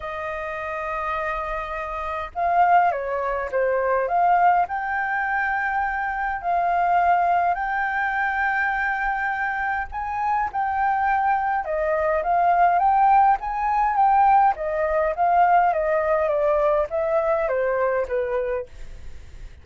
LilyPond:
\new Staff \with { instrumentName = "flute" } { \time 4/4 \tempo 4 = 103 dis''1 | f''4 cis''4 c''4 f''4 | g''2. f''4~ | f''4 g''2.~ |
g''4 gis''4 g''2 | dis''4 f''4 g''4 gis''4 | g''4 dis''4 f''4 dis''4 | d''4 e''4 c''4 b'4 | }